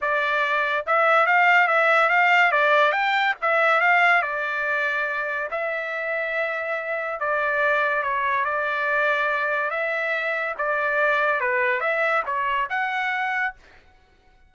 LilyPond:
\new Staff \with { instrumentName = "trumpet" } { \time 4/4 \tempo 4 = 142 d''2 e''4 f''4 | e''4 f''4 d''4 g''4 | e''4 f''4 d''2~ | d''4 e''2.~ |
e''4 d''2 cis''4 | d''2. e''4~ | e''4 d''2 b'4 | e''4 cis''4 fis''2 | }